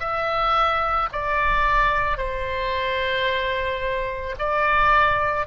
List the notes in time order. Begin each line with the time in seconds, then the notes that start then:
0.00 E5
1.12 D5
2.17 C5
4.39 D5